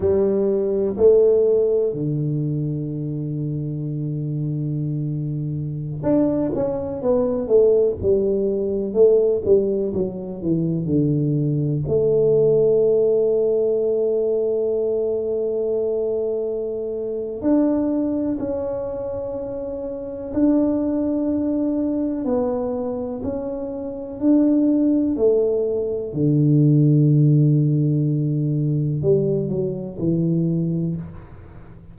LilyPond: \new Staff \with { instrumentName = "tuba" } { \time 4/4 \tempo 4 = 62 g4 a4 d2~ | d2~ d16 d'8 cis'8 b8 a16~ | a16 g4 a8 g8 fis8 e8 d8.~ | d16 a2.~ a8.~ |
a2 d'4 cis'4~ | cis'4 d'2 b4 | cis'4 d'4 a4 d4~ | d2 g8 fis8 e4 | }